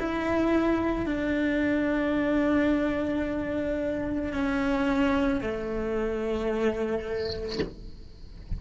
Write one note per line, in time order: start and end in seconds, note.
0.00 1.06 E4
1.06 4.33 D4
4.33 5.41 C#4
5.41 7.60 A3